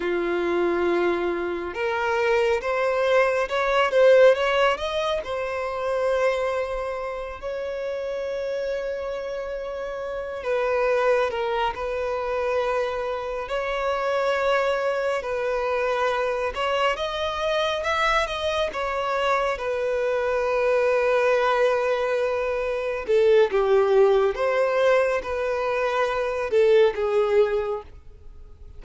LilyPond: \new Staff \with { instrumentName = "violin" } { \time 4/4 \tempo 4 = 69 f'2 ais'4 c''4 | cis''8 c''8 cis''8 dis''8 c''2~ | c''8 cis''2.~ cis''8 | b'4 ais'8 b'2 cis''8~ |
cis''4. b'4. cis''8 dis''8~ | dis''8 e''8 dis''8 cis''4 b'4.~ | b'2~ b'8 a'8 g'4 | c''4 b'4. a'8 gis'4 | }